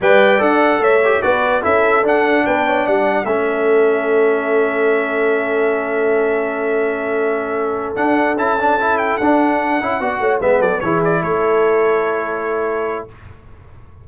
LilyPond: <<
  \new Staff \with { instrumentName = "trumpet" } { \time 4/4 \tempo 4 = 147 g''4 fis''4 e''4 d''4 | e''4 fis''4 g''4 fis''4 | e''1~ | e''1~ |
e''2.~ e''8 fis''8~ | fis''8 a''4. g''8 fis''4.~ | fis''4. e''8 d''8 cis''8 d''8 cis''8~ | cis''1 | }
  \new Staff \with { instrumentName = "horn" } { \time 4/4 d''2 cis''4 b'4 | a'2 b'8 cis''8 d''4 | a'1~ | a'1~ |
a'1~ | a'1~ | a'8 d''8 cis''8 b'8 a'8 gis'4 a'8~ | a'1 | }
  \new Staff \with { instrumentName = "trombone" } { \time 4/4 b'4 a'4. g'8 fis'4 | e'4 d'2. | cis'1~ | cis'1~ |
cis'2.~ cis'8 d'8~ | d'8 e'8 d'8 e'4 d'4. | e'8 fis'4 b4 e'4.~ | e'1 | }
  \new Staff \with { instrumentName = "tuba" } { \time 4/4 g4 d'4 a4 b4 | cis'4 d'4 b4 g4 | a1~ | a1~ |
a2.~ a8 d'8~ | d'8 cis'2 d'4. | cis'8 b8 a8 gis8 fis8 e4 a8~ | a1 | }
>>